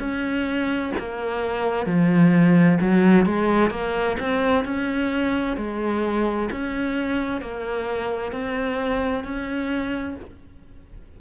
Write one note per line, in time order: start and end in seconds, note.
0.00 0.92 C#4
0.99 1.87 A#3
1.87 2.79 F3
2.82 3.26 F#3
3.26 3.71 G#3
3.71 4.17 A#3
4.20 4.65 C4
4.65 5.57 C#4
5.57 6.50 G#3
6.52 7.42 C#4
7.42 8.32 A#3
8.32 9.24 C4
9.24 10.17 C#4